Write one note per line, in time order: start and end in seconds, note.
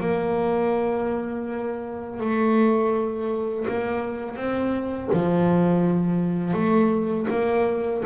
0.00 2.19 A#3
2.19 3.66 A3
3.68 4.36 A#3
4.36 5.09 C4
5.13 6.53 F3
6.53 7.26 A3
7.30 8.03 A#3